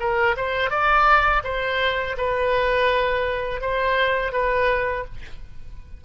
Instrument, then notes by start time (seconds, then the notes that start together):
oboe
0.00 A#4
0.37 C5
0.71 D5
1.44 C5
2.18 B4
3.61 C5
4.33 B4